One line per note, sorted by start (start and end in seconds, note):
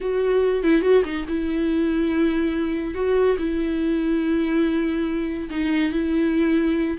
0.00 0.63 F#4
0.63 0.81 E4
0.81 1.03 F#4
1.04 1.26 D#4
1.28 2.94 E4
2.94 3.36 F#4
3.38 5.49 E4
5.50 5.92 D#4
5.92 6.97 E4